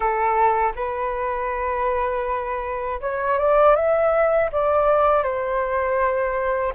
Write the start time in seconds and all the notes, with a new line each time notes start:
0.00 A4
0.75 B4
3.00 C#5
3.38 D5
3.75 E5
4.52 D5
5.23 C5